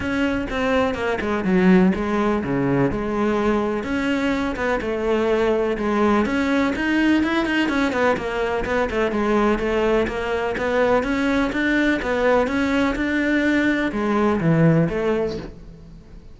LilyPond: \new Staff \with { instrumentName = "cello" } { \time 4/4 \tempo 4 = 125 cis'4 c'4 ais8 gis8 fis4 | gis4 cis4 gis2 | cis'4. b8 a2 | gis4 cis'4 dis'4 e'8 dis'8 |
cis'8 b8 ais4 b8 a8 gis4 | a4 ais4 b4 cis'4 | d'4 b4 cis'4 d'4~ | d'4 gis4 e4 a4 | }